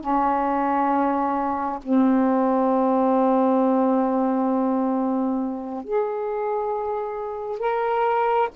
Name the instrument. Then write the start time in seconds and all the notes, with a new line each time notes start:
saxophone
0.00 C#4
1.82 C4
5.84 G#4
7.59 A#4